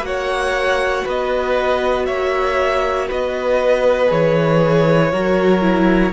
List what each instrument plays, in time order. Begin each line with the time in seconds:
0.00 cello A#3, viola F#4, violin F#5
0.07 violin C#5
1.04 cello B3, violin B4 D#5
2.06 cello A#3, violin C#5 E5
3.08 cello B3, violin B4 D#5
4.07 cello E3, viola G#4, violin C#5
5.11 cello F#3, viola F#4, violin A#4
5.61 viola E4